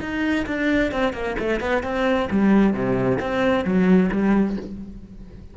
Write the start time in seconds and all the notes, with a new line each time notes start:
0.00 D#4
0.46 D4
0.91 C4
1.13 A#3
1.39 A3
1.60 B3
1.83 C4
2.30 G3
2.73 C3
3.19 C4
3.64 F#3
4.11 G3